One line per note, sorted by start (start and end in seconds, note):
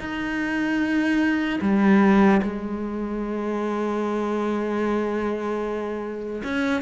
0.00 1.60 D#4
1.61 2.41 G3
2.43 6.43 G#3
6.44 6.82 C#4